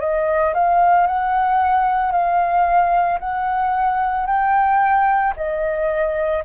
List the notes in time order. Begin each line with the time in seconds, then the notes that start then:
0.00 D#5
0.54 F5
1.07 F#5
2.12 F5
3.20 F#5
4.27 G5
5.37 D#5